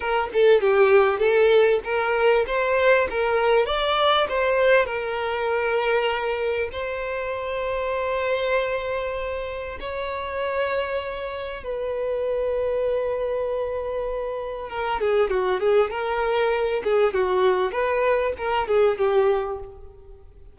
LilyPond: \new Staff \with { instrumentName = "violin" } { \time 4/4 \tempo 4 = 98 ais'8 a'8 g'4 a'4 ais'4 | c''4 ais'4 d''4 c''4 | ais'2. c''4~ | c''1 |
cis''2. b'4~ | b'1 | ais'8 gis'8 fis'8 gis'8 ais'4. gis'8 | fis'4 b'4 ais'8 gis'8 g'4 | }